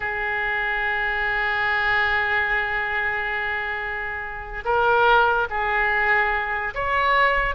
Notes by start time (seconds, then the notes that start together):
0.00 G#4
4.64 A#4
5.49 G#4
6.74 C#5